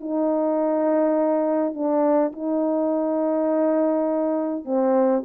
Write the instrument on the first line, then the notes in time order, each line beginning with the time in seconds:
horn
0.00 D#4
1.73 D4
2.32 D#4
4.64 C4